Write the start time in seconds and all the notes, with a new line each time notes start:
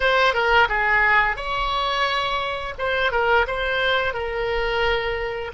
0.00 C5
0.33 A#4
0.68 G#4
1.36 C#5
2.78 C5
3.11 A#4
3.47 C5
4.13 A#4